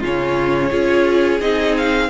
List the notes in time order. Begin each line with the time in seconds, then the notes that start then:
0.00 C#3 C#4 F4 C#5
0.70 C#4 F4 G#4
1.40 C4 D#4 D#5
1.77 F5